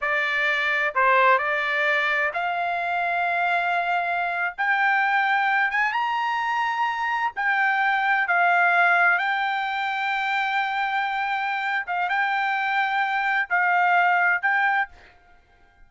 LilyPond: \new Staff \with { instrumentName = "trumpet" } { \time 4/4 \tempo 4 = 129 d''2 c''4 d''4~ | d''4 f''2.~ | f''4.~ f''16 g''2~ g''16~ | g''16 gis''8 ais''2. g''16~ |
g''4.~ g''16 f''2 g''16~ | g''1~ | g''4. f''8 g''2~ | g''4 f''2 g''4 | }